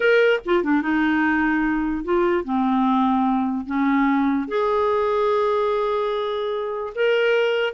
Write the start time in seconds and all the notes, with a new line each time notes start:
0.00 A#4
0.45 F4
0.63 D4
0.82 D#4
2.04 F4
2.44 C4
3.66 C#4
4.48 G#4
6.95 A#4